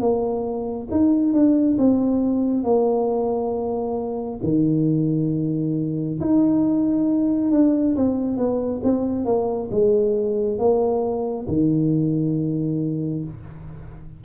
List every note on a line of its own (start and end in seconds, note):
0.00 0.88 A#3
0.91 1.33 D#4
1.33 1.77 D4
1.78 2.64 C4
2.64 4.40 A#3
4.43 6.20 D#3
6.20 7.51 D#4
7.51 7.95 D4
7.96 8.37 C4
8.37 8.81 B3
8.84 9.25 C4
9.25 9.69 A#3
9.71 10.58 G#3
10.58 11.47 A#3
11.48 13.24 D#3